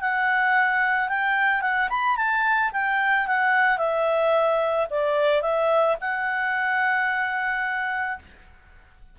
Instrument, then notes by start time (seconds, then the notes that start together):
clarinet
0.00 F#5
1.08 G5
1.61 F#5
1.89 B5
2.16 A5
2.72 G5
3.27 F#5
3.78 E5
4.90 D5
5.41 E5
6.00 F#5